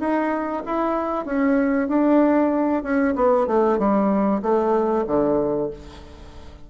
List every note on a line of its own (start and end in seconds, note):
0.00 0.63 D#4
0.66 1.25 E4
1.25 1.88 C#4
1.88 2.83 D4
2.83 3.15 C#4
3.15 3.47 B3
3.47 3.78 A3
3.78 4.42 G3
4.42 5.05 A3
5.07 5.70 D3